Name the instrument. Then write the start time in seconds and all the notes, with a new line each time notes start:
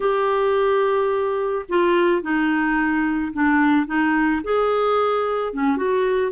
clarinet
0.00 G4
1.68 F4
2.22 D#4
3.33 D4
3.86 D#4
4.43 G#4
5.53 C#4
5.76 F#4